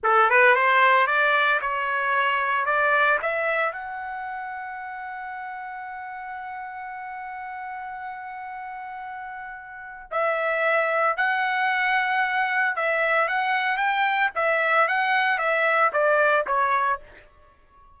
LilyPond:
\new Staff \with { instrumentName = "trumpet" } { \time 4/4 \tempo 4 = 113 a'8 b'8 c''4 d''4 cis''4~ | cis''4 d''4 e''4 fis''4~ | fis''1~ | fis''1~ |
fis''2. e''4~ | e''4 fis''2. | e''4 fis''4 g''4 e''4 | fis''4 e''4 d''4 cis''4 | }